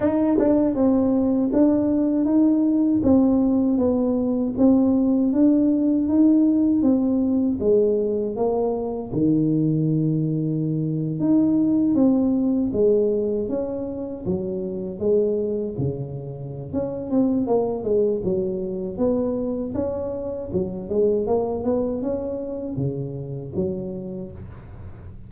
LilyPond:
\new Staff \with { instrumentName = "tuba" } { \time 4/4 \tempo 4 = 79 dis'8 d'8 c'4 d'4 dis'4 | c'4 b4 c'4 d'4 | dis'4 c'4 gis4 ais4 | dis2~ dis8. dis'4 c'16~ |
c'8. gis4 cis'4 fis4 gis16~ | gis8. cis4~ cis16 cis'8 c'8 ais8 gis8 | fis4 b4 cis'4 fis8 gis8 | ais8 b8 cis'4 cis4 fis4 | }